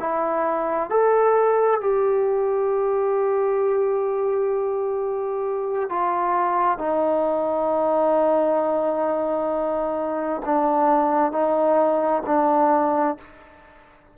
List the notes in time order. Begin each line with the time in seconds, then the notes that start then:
0.00 E4
0.90 A4
1.81 G4
5.90 F4
6.79 D#4
10.46 D4
11.32 D#4
12.27 D4